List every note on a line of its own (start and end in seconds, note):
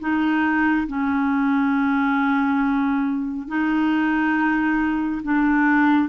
0.00 0.87 D#4
0.87 3.48 C#4
3.48 5.22 D#4
5.23 6.09 D4